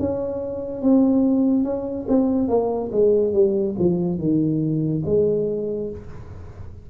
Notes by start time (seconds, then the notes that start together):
0.00 C#4
0.82 C4
1.64 C#4
2.09 C4
2.49 A#3
2.92 G#3
3.33 G3
3.79 F3
4.19 D#3
5.06 G#3